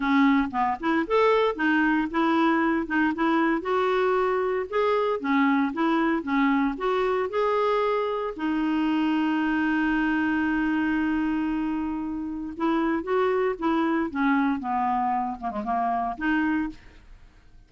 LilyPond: \new Staff \with { instrumentName = "clarinet" } { \time 4/4 \tempo 4 = 115 cis'4 b8 e'8 a'4 dis'4 | e'4. dis'8 e'4 fis'4~ | fis'4 gis'4 cis'4 e'4 | cis'4 fis'4 gis'2 |
dis'1~ | dis'1 | e'4 fis'4 e'4 cis'4 | b4. ais16 gis16 ais4 dis'4 | }